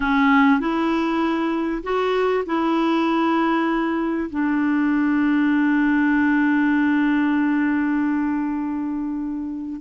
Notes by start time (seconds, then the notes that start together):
0.00 C#4
0.60 E4
1.83 F#4
2.45 E4
4.29 D4